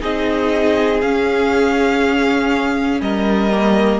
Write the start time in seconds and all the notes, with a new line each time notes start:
0.00 C4 D#4 G#4 D#5
1.01 C#4 F5
3.00 G3 A#4 D#5
3.51 A#3